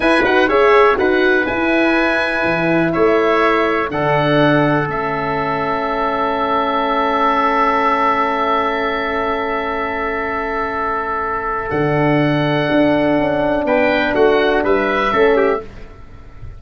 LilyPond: <<
  \new Staff \with { instrumentName = "oboe" } { \time 4/4 \tempo 4 = 123 gis''8 fis''8 e''4 fis''4 gis''4~ | gis''2 e''2 | fis''2 e''2~ | e''1~ |
e''1~ | e''1 | fis''1 | g''4 fis''4 e''2 | }
  \new Staff \with { instrumentName = "trumpet" } { \time 4/4 b'4 cis''4 b'2~ | b'2 cis''2 | a'1~ | a'1~ |
a'1~ | a'1~ | a'1 | b'4 fis'4 b'4 a'8 g'8 | }
  \new Staff \with { instrumentName = "horn" } { \time 4/4 e'8 fis'8 gis'4 fis'4 e'4~ | e'1 | d'2 cis'2~ | cis'1~ |
cis'1~ | cis'1 | d'1~ | d'2. cis'4 | }
  \new Staff \with { instrumentName = "tuba" } { \time 4/4 e'8 dis'8 cis'4 dis'4 e'4~ | e'4 e4 a2 | d2 a2~ | a1~ |
a1~ | a1 | d2 d'4 cis'4 | b4 a4 g4 a4 | }
>>